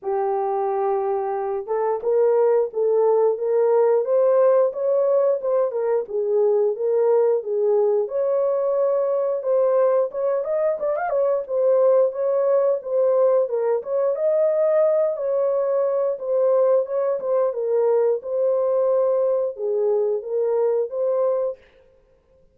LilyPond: \new Staff \with { instrumentName = "horn" } { \time 4/4 \tempo 4 = 89 g'2~ g'8 a'8 ais'4 | a'4 ais'4 c''4 cis''4 | c''8 ais'8 gis'4 ais'4 gis'4 | cis''2 c''4 cis''8 dis''8 |
d''16 f''16 cis''8 c''4 cis''4 c''4 | ais'8 cis''8 dis''4. cis''4. | c''4 cis''8 c''8 ais'4 c''4~ | c''4 gis'4 ais'4 c''4 | }